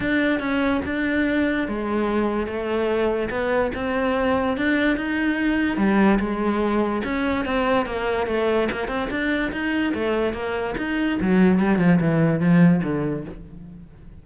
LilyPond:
\new Staff \with { instrumentName = "cello" } { \time 4/4 \tempo 4 = 145 d'4 cis'4 d'2 | gis2 a2 | b4 c'2 d'4 | dis'2 g4 gis4~ |
gis4 cis'4 c'4 ais4 | a4 ais8 c'8 d'4 dis'4 | a4 ais4 dis'4 fis4 | g8 f8 e4 f4 d4 | }